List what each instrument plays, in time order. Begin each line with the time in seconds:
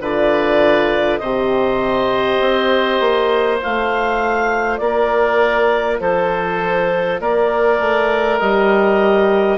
0.00 bassoon D3, horn F4, oboe B4, clarinet D5
1.18 bassoon C3, oboe C5, clarinet D#5
1.24 horn G4
2.40 bassoon C4
3.00 bassoon A#3
3.60 bassoon A3, horn F4, clarinet F5
4.77 bassoon A#3, oboe A#4, clarinet D5
6.00 bassoon F3, oboe A4, clarinet C5
7.20 bassoon A#3, oboe A#4, clarinet D5
7.79 bassoon A3
8.39 bassoon G3, horn G4, clarinet D#5